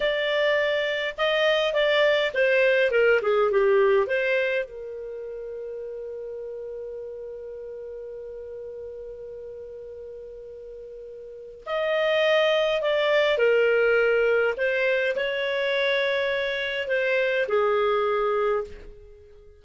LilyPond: \new Staff \with { instrumentName = "clarinet" } { \time 4/4 \tempo 4 = 103 d''2 dis''4 d''4 | c''4 ais'8 gis'8 g'4 c''4 | ais'1~ | ais'1~ |
ais'1 | dis''2 d''4 ais'4~ | ais'4 c''4 cis''2~ | cis''4 c''4 gis'2 | }